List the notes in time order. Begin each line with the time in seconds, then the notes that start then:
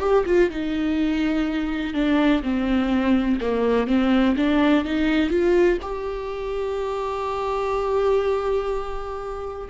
0.00 G4
0.26 F4
0.51 D#4
1.94 D4
2.43 C4
3.41 A#3
3.87 C4
4.37 D4
4.85 D#4
5.30 F4
5.82 G4